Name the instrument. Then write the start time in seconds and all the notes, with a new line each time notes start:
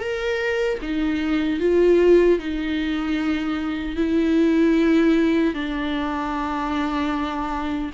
viola
0.00 A#4
0.82 D#4
1.60 F4
2.39 D#4
3.97 E4
5.54 D4